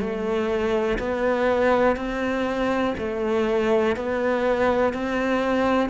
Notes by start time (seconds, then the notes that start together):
0.00 A3
0.99 B3
1.97 C4
2.98 A3
3.97 B3
4.94 C4